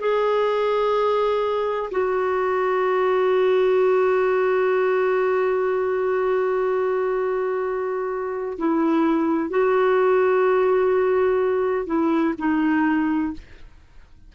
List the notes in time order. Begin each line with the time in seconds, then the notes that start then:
0.00 G#4
1.91 F#4
8.58 E4
9.50 F#4
11.87 E4
12.39 D#4